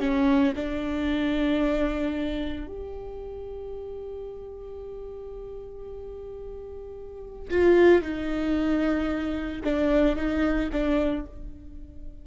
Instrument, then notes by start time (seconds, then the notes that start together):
viola
0.00 C#4
0.56 D4
2.68 G4
7.51 F4
8.02 D#4
9.64 D4
10.16 D#4
10.72 D4